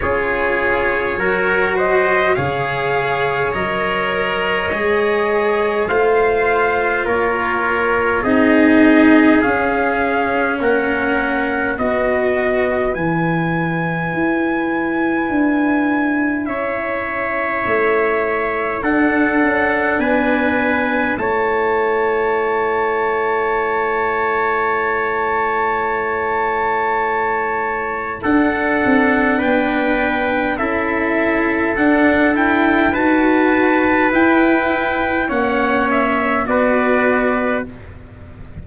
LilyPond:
<<
  \new Staff \with { instrumentName = "trumpet" } { \time 4/4 \tempo 4 = 51 cis''4. dis''8 f''4 dis''4~ | dis''4 f''4 cis''4 dis''4 | f''4 fis''4 dis''4 gis''4~ | gis''2 e''2 |
fis''4 gis''4 a''2~ | a''1 | fis''4 g''4 e''4 fis''8 g''8 | a''4 g''4 fis''8 e''8 d''4 | }
  \new Staff \with { instrumentName = "trumpet" } { \time 4/4 gis'4 ais'8 c''8 cis''2~ | cis''4 c''4 ais'4 gis'4~ | gis'4 ais'4 b'2~ | b'2 cis''2 |
a'4 b'4 cis''2~ | cis''1 | a'4 b'4 a'2 | b'2 cis''4 b'4 | }
  \new Staff \with { instrumentName = "cello" } { \time 4/4 f'4 fis'4 gis'4 ais'4 | gis'4 f'2 dis'4 | cis'2 fis'4 e'4~ | e'1 |
d'2 e'2~ | e'1 | d'2 e'4 d'8 e'8 | fis'4 e'4 cis'4 fis'4 | }
  \new Staff \with { instrumentName = "tuba" } { \time 4/4 cis'4 fis4 cis4 fis4 | gis4 a4 ais4 c'4 | cis'4 ais4 b4 e4 | e'4 d'4 cis'4 a4 |
d'8 cis'8 b4 a2~ | a1 | d'8 c'8 b4 cis'4 d'4 | dis'4 e'4 ais4 b4 | }
>>